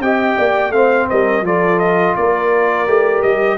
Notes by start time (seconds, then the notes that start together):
0.00 C4 G4 D#5 G5
0.38 A#3 D5
0.70 A3 C4 F5
0.76 C5
1.10 G3 A#4 D#5
1.42 F3 F4 A4 D5
1.80 D#5
2.16 A#3 A#4 D5
2.88 A3 G4
3.23 G3 D#5